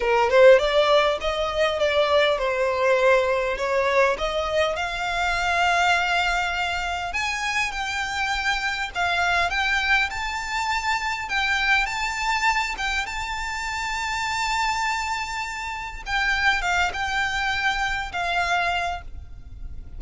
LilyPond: \new Staff \with { instrumentName = "violin" } { \time 4/4 \tempo 4 = 101 ais'8 c''8 d''4 dis''4 d''4 | c''2 cis''4 dis''4 | f''1 | gis''4 g''2 f''4 |
g''4 a''2 g''4 | a''4. g''8 a''2~ | a''2. g''4 | f''8 g''2 f''4. | }